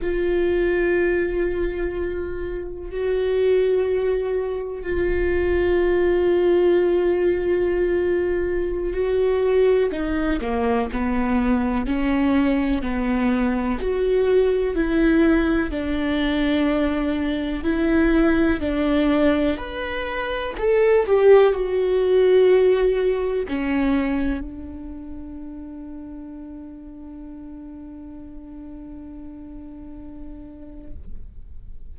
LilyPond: \new Staff \with { instrumentName = "viola" } { \time 4/4 \tempo 4 = 62 f'2. fis'4~ | fis'4 f'2.~ | f'4~ f'16 fis'4 dis'8 ais8 b8.~ | b16 cis'4 b4 fis'4 e'8.~ |
e'16 d'2 e'4 d'8.~ | d'16 b'4 a'8 g'8 fis'4.~ fis'16~ | fis'16 cis'4 d'2~ d'8.~ | d'1 | }